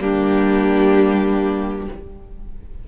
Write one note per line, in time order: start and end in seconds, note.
0.00 1.88 G3
0.00 1.88 A#3
0.00 1.88 D4
0.00 1.88 G4